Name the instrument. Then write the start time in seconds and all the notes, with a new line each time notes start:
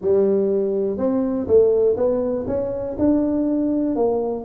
tuba
0.01 G3
0.97 C4
1.47 A3
1.96 B3
2.47 C#4
2.98 D4
3.95 A#3